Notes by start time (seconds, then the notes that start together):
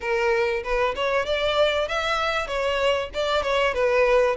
0.00 A#4
0.63 B4
0.95 C#5
1.25 D5
1.88 E5
2.47 C#5
3.14 D5
3.42 C#5
3.74 B4